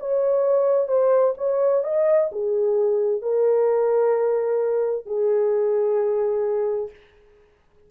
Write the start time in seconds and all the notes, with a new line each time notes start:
0.00 C#5
0.88 C5
1.38 C#5
1.84 D#5
2.32 G#4
3.22 A#4
5.06 G#4